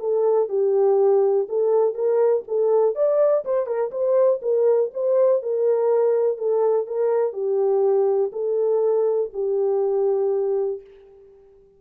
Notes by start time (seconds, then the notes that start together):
0.00 A4
0.49 G4
1.49 A4
1.95 A#4
2.48 A4
2.96 D5
3.45 C5
3.67 A#4
3.92 C5
4.43 A#4
4.94 C5
5.43 A#4
6.38 A4
6.87 A#4
7.33 G4
8.33 A4
9.34 G4